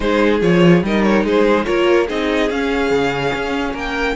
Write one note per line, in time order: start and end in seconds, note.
0.00 0.41 G#3
0.00 0.41 D#4
0.00 0.84 G#4
0.00 0.39 C5
0.41 0.82 F3
0.41 0.83 F4
0.41 0.84 C#5
0.82 1.24 G3
0.82 1.64 D#4
0.82 1.25 A#4
0.82 1.03 D#5
1.03 1.24 C#5
1.24 1.65 G#3
1.24 1.66 G#4
1.24 1.65 C5
1.64 2.09 A#3
1.64 2.06 F4
1.64 2.07 A#4
1.64 2.06 C#5
2.07 2.50 C4
2.07 2.50 D#4
2.07 3.73 G#4
2.07 2.50 D#5
2.50 2.90 C#4
2.50 4.15 C#4
2.50 3.75 F5
2.90 3.32 C#3
3.33 3.73 C#4
3.73 4.15 A#3
3.73 4.14 A#4
3.73 4.15 G5